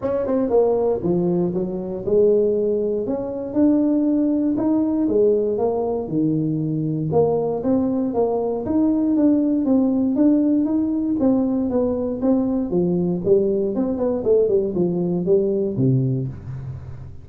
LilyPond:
\new Staff \with { instrumentName = "tuba" } { \time 4/4 \tempo 4 = 118 cis'8 c'8 ais4 f4 fis4 | gis2 cis'4 d'4~ | d'4 dis'4 gis4 ais4 | dis2 ais4 c'4 |
ais4 dis'4 d'4 c'4 | d'4 dis'4 c'4 b4 | c'4 f4 g4 c'8 b8 | a8 g8 f4 g4 c4 | }